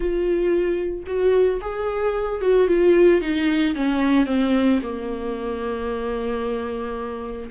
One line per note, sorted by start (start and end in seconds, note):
0.00 1.04 F4
1.06 1.60 F#4
1.61 2.41 G#4
2.41 2.67 F#4
2.67 3.21 F4
3.21 3.75 D#4
3.75 4.26 C#4
4.26 4.79 C4
4.82 7.50 A#3